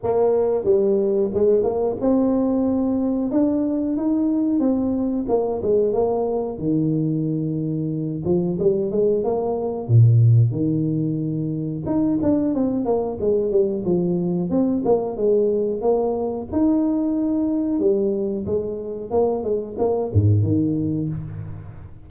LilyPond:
\new Staff \with { instrumentName = "tuba" } { \time 4/4 \tempo 4 = 91 ais4 g4 gis8 ais8 c'4~ | c'4 d'4 dis'4 c'4 | ais8 gis8 ais4 dis2~ | dis8 f8 g8 gis8 ais4 ais,4 |
dis2 dis'8 d'8 c'8 ais8 | gis8 g8 f4 c'8 ais8 gis4 | ais4 dis'2 g4 | gis4 ais8 gis8 ais8 gis,8 dis4 | }